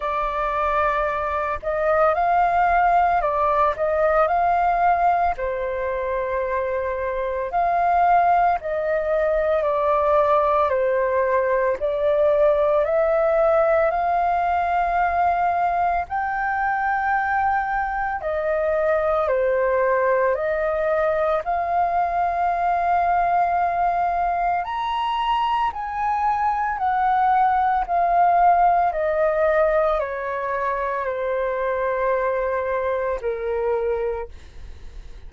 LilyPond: \new Staff \with { instrumentName = "flute" } { \time 4/4 \tempo 4 = 56 d''4. dis''8 f''4 d''8 dis''8 | f''4 c''2 f''4 | dis''4 d''4 c''4 d''4 | e''4 f''2 g''4~ |
g''4 dis''4 c''4 dis''4 | f''2. ais''4 | gis''4 fis''4 f''4 dis''4 | cis''4 c''2 ais'4 | }